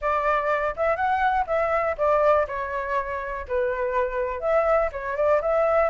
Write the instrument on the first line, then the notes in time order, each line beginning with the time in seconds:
flute
0.01 D5
0.76 E5
0.95 F#5
1.46 E5
1.97 D5
2.47 C#5
3.47 B4
4.40 E5
4.92 C#5
5.16 D5
5.41 E5